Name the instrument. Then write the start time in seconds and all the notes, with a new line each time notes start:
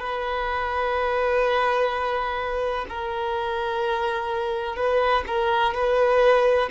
violin
0.00 B4
2.89 A#4
4.76 B4
5.27 A#4
5.74 B4